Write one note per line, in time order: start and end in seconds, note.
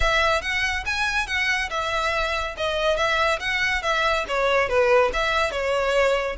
0.00 0.41 E5
0.41 0.84 F#5
0.85 1.27 G#5
1.27 1.69 F#5
1.70 2.55 E5
2.57 2.96 D#5
2.96 3.39 E5
3.39 3.82 F#5
3.82 4.25 E5
4.28 4.68 C#5
4.68 5.11 B4
5.13 5.51 E5
5.51 6.36 C#5